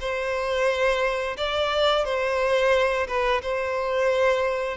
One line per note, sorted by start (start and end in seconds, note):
0.00 1.36 C5
1.37 2.04 D5
2.04 3.07 C5
3.07 3.41 B4
3.42 4.77 C5